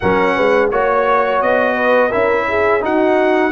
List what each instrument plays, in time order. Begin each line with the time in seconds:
0.00 tuba F#3, trombone C#4, horn A#4, trumpet F#5
0.35 tuba G#3, horn B4
0.71 tuba A#3, trombone F#4, trumpet C#5, horn C#5
1.41 tuba B3, trumpet D#5
1.75 horn B4
2.08 tuba C#4, trombone E4, horn A#4, trumpet E5
2.48 horn G#4
2.80 trombone D#4, tuba D#4, horn F#4, trumpet F#5